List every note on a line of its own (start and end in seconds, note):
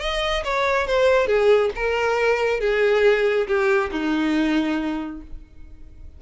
0.00 0.43 D#5
0.44 0.87 C#5
0.87 1.27 C5
1.27 1.71 G#4
1.75 2.60 A#4
2.60 3.47 G#4
3.47 3.91 G4
3.92 5.22 D#4